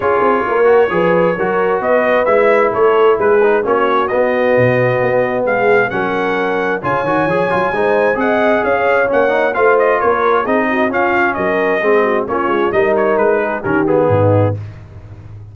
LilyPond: <<
  \new Staff \with { instrumentName = "trumpet" } { \time 4/4 \tempo 4 = 132 cis''1 | dis''4 e''4 cis''4 b'4 | cis''4 dis''2. | f''4 fis''2 gis''4~ |
gis''2 fis''4 f''4 | fis''4 f''8 dis''8 cis''4 dis''4 | f''4 dis''2 cis''4 | dis''8 cis''8 b'4 ais'8 gis'4. | }
  \new Staff \with { instrumentName = "horn" } { \time 4/4 gis'4 ais'4 b'4 ais'4 | b'2 a'4 gis'4 | fis'1 | gis'4 ais'2 cis''4~ |
cis''4 c''4 dis''4 cis''4~ | cis''4 c''4 ais'4 gis'8 fis'8 | f'4 ais'4 gis'8 fis'8 f'4 | ais'4. gis'8 g'4 dis'4 | }
  \new Staff \with { instrumentName = "trombone" } { \time 4/4 f'4. fis'8 gis'4 fis'4~ | fis'4 e'2~ e'8 dis'8 | cis'4 b2.~ | b4 cis'2 f'8 fis'8 |
gis'8 f'8 dis'4 gis'2 | cis'8 dis'8 f'2 dis'4 | cis'2 c'4 cis'4 | dis'2 cis'8 b4. | }
  \new Staff \with { instrumentName = "tuba" } { \time 4/4 cis'8 c'8 ais4 f4 fis4 | b4 gis4 a4 gis4 | ais4 b4 b,4 b4 | gis4 fis2 cis8 dis8 |
f8 fis8 gis4 c'4 cis'4 | ais4 a4 ais4 c'4 | cis'4 fis4 gis4 ais8 gis8 | g4 gis4 dis4 gis,4 | }
>>